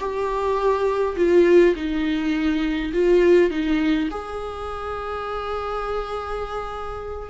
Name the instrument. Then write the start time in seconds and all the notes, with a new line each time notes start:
viola
0.00 G4
1.17 F4
1.76 D#4
2.94 F4
3.51 D#4
4.11 G#4